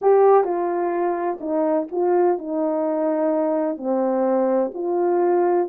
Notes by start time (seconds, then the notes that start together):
0.01 G4
0.44 F4
1.40 D#4
1.91 F4
2.38 D#4
3.77 C4
4.74 F4